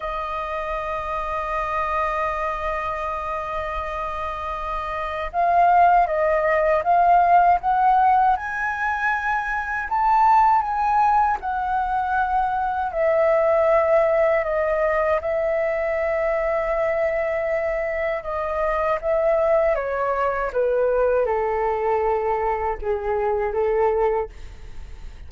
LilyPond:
\new Staff \with { instrumentName = "flute" } { \time 4/4 \tempo 4 = 79 dis''1~ | dis''2. f''4 | dis''4 f''4 fis''4 gis''4~ | gis''4 a''4 gis''4 fis''4~ |
fis''4 e''2 dis''4 | e''1 | dis''4 e''4 cis''4 b'4 | a'2 gis'4 a'4 | }